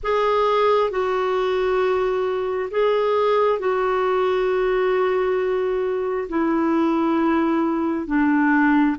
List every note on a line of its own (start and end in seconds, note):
0.02 0.90 G#4
0.90 2.69 F#4
2.70 3.59 G#4
3.59 6.27 F#4
6.28 8.06 E4
8.06 8.96 D4